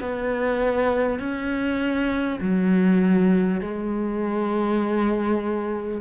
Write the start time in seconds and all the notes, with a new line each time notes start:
0.00 B3
1.19 C#4
2.41 F#3
3.61 G#3